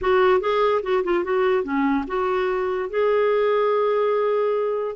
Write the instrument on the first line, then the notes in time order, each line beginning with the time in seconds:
clarinet
0.01 F#4
0.40 G#4
0.82 F#4
1.03 F4
1.24 F#4
1.63 C#4
2.07 F#4
2.89 G#4